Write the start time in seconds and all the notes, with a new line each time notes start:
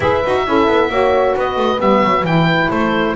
0.00 E4 G#4 B4 E5
0.24 D#4 F#4
0.46 C#4 E4 A4
0.67 B3
0.89 A#3 F#4 C#5
1.34 B3 B4 D#5
1.56 A3
1.77 G3 B3 E5
2.03 F#3
2.23 E3 E4 G5
2.68 A3 A4 C5